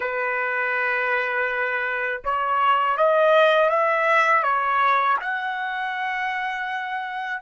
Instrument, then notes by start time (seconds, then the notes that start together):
trumpet
0.00 B4
2.24 C#5
2.97 D#5
3.69 E5
4.43 C#5
5.20 F#5